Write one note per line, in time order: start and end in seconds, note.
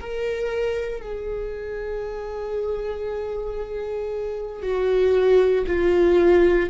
0.00 1.02 A#4
1.02 4.62 G#4
4.62 5.66 F#4
5.67 6.70 F4